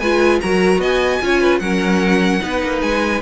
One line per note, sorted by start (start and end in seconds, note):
0.00 0.41 G#3
0.00 0.43 F4
0.00 0.41 B4
0.00 0.40 G#5
0.41 0.78 F#3
0.41 1.22 F#4
0.41 0.81 A#4
0.41 0.81 A#5
0.78 1.18 B3
0.78 1.21 D#5
0.78 1.59 G#5
1.22 1.61 C#4
1.22 1.62 F4
1.22 1.41 C#5
1.41 1.61 B4
1.59 2.41 F#3
1.59 2.40 C#4
1.59 2.42 A#4
1.59 2.79 F#5
2.40 2.63 B3
2.40 3.20 D#4
2.40 3.22 B4
2.64 2.83 A#3
2.82 3.22 G#3
2.82 3.22 G#5